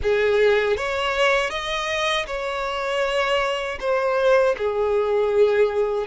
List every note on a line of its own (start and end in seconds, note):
0.02 0.76 G#4
0.76 1.50 C#5
1.50 2.26 D#5
2.26 3.78 C#5
3.79 4.55 C5
4.57 6.07 G#4